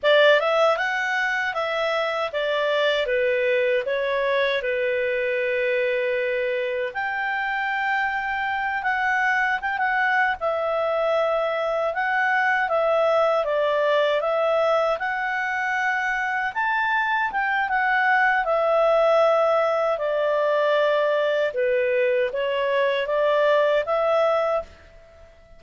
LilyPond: \new Staff \with { instrumentName = "clarinet" } { \time 4/4 \tempo 4 = 78 d''8 e''8 fis''4 e''4 d''4 | b'4 cis''4 b'2~ | b'4 g''2~ g''8 fis''8~ | fis''8 g''16 fis''8. e''2 fis''8~ |
fis''8 e''4 d''4 e''4 fis''8~ | fis''4. a''4 g''8 fis''4 | e''2 d''2 | b'4 cis''4 d''4 e''4 | }